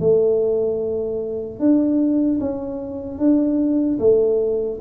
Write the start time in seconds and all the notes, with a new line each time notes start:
0.00 A3
1.60 D4
2.40 C#4
3.19 D4
3.99 A3